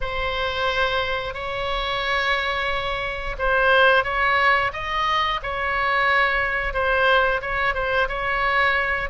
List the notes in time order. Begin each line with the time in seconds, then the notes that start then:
0.00 C5
1.33 C#5
3.38 C5
4.04 C#5
4.73 D#5
5.43 C#5
6.73 C5
7.41 C#5
7.74 C5
8.08 C#5